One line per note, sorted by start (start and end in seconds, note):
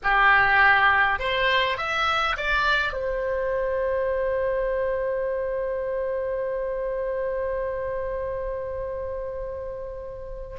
0.03 1.19 G4
1.19 1.77 C5
1.77 2.36 E5
2.36 2.92 D5
2.92 10.57 C5